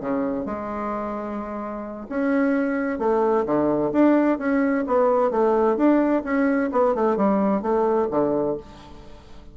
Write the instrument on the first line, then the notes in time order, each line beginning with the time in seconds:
bassoon
0.00 C#3
0.45 G#3
2.09 C#4
2.99 A3
3.45 D3
3.92 D4
4.38 C#4
4.86 B3
5.31 A3
5.76 D4
6.24 C#4
6.72 B3
6.94 A3
7.16 G3
7.62 A3
8.10 D3